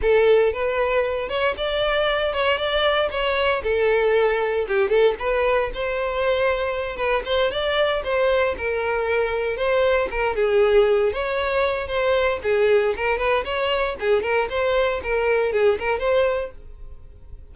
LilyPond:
\new Staff \with { instrumentName = "violin" } { \time 4/4 \tempo 4 = 116 a'4 b'4. cis''8 d''4~ | d''8 cis''8 d''4 cis''4 a'4~ | a'4 g'8 a'8 b'4 c''4~ | c''4. b'8 c''8 d''4 c''8~ |
c''8 ais'2 c''4 ais'8 | gis'4. cis''4. c''4 | gis'4 ais'8 b'8 cis''4 gis'8 ais'8 | c''4 ais'4 gis'8 ais'8 c''4 | }